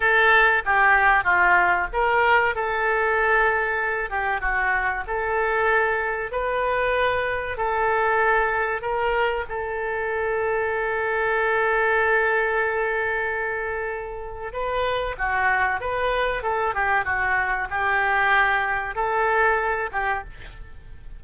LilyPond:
\new Staff \with { instrumentName = "oboe" } { \time 4/4 \tempo 4 = 95 a'4 g'4 f'4 ais'4 | a'2~ a'8 g'8 fis'4 | a'2 b'2 | a'2 ais'4 a'4~ |
a'1~ | a'2. b'4 | fis'4 b'4 a'8 g'8 fis'4 | g'2 a'4. g'8 | }